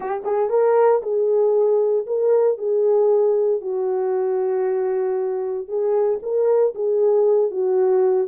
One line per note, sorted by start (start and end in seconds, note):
0.00 0.23 G4
0.24 0.49 G#4
0.49 1.01 A#4
1.02 2.05 G#4
2.06 2.58 A#4
2.58 3.61 G#4
3.61 5.68 F#4
5.68 6.19 G#4
6.22 6.74 A#4
6.74 7.50 G#4
7.50 8.27 F#4